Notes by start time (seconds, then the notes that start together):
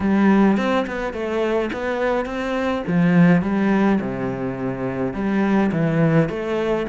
0.00 G3
0.57 C4
0.86 B3
1.13 A3
1.72 B3
2.25 C4
2.87 F3
3.42 G3
4.01 C3
5.13 G3
5.72 E3
6.29 A3